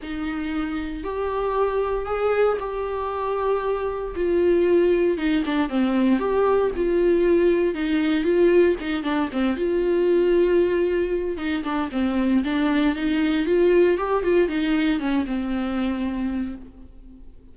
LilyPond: \new Staff \with { instrumentName = "viola" } { \time 4/4 \tempo 4 = 116 dis'2 g'2 | gis'4 g'2. | f'2 dis'8 d'8 c'4 | g'4 f'2 dis'4 |
f'4 dis'8 d'8 c'8 f'4.~ | f'2 dis'8 d'8 c'4 | d'4 dis'4 f'4 g'8 f'8 | dis'4 cis'8 c'2~ c'8 | }